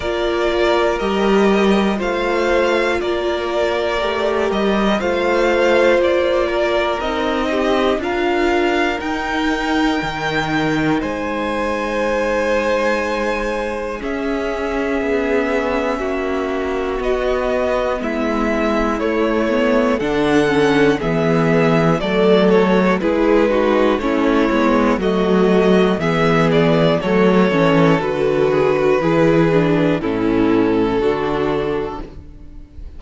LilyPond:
<<
  \new Staff \with { instrumentName = "violin" } { \time 4/4 \tempo 4 = 60 d''4 dis''4 f''4 d''4~ | d''8 dis''8 f''4 d''4 dis''4 | f''4 g''2 gis''4~ | gis''2 e''2~ |
e''4 dis''4 e''4 cis''4 | fis''4 e''4 d''8 cis''8 b'4 | cis''4 dis''4 e''8 d''8 cis''4 | b'2 a'2 | }
  \new Staff \with { instrumentName = "violin" } { \time 4/4 ais'2 c''4 ais'4~ | ais'4 c''4. ais'4 g'8 | ais'2. c''4~ | c''2 gis'2 |
fis'2 e'2 | a'4 gis'4 a'4 gis'8 fis'8 | e'4 fis'4 gis'4 a'4~ | a'8 gis'16 fis'16 gis'4 e'4 fis'4 | }
  \new Staff \with { instrumentName = "viola" } { \time 4/4 f'4 g'4 f'2 | g'4 f'2 dis'4 | f'4 dis'2.~ | dis'2 cis'2~ |
cis'4 b2 a8 b8 | d'8 cis'8 b4 a4 e'8 dis'8 | cis'8 b8 a4 b4 a8 cis'8 | fis'4 e'8 d'8 cis'4 d'4 | }
  \new Staff \with { instrumentName = "cello" } { \time 4/4 ais4 g4 a4 ais4 | a8 g8 a4 ais4 c'4 | d'4 dis'4 dis4 gis4~ | gis2 cis'4 b4 |
ais4 b4 gis4 a4 | d4 e4 fis4 gis4 | a8 gis8 fis4 e4 fis8 e8 | d4 e4 a,4 d4 | }
>>